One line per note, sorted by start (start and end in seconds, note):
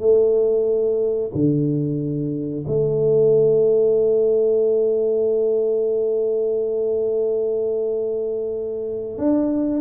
0.00 1.30 A3
1.34 2.65 D3
2.67 9.18 A3
9.18 9.81 D4